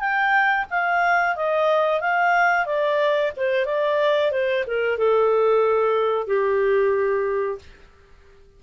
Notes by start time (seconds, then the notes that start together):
0.00 G5
0.71 F5
1.36 D#5
2.01 F5
2.66 D5
3.37 C5
3.66 D5
4.32 C5
4.67 A#4
4.98 A4
6.27 G4